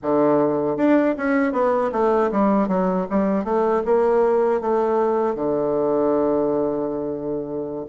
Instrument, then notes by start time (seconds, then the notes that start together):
bassoon
0.02 D3
0.77 D4
1.17 C#4
1.52 B3
1.92 A3
2.31 G3
2.68 F#3
3.09 G3
3.44 A3
3.85 A#3
4.60 A3
5.35 D3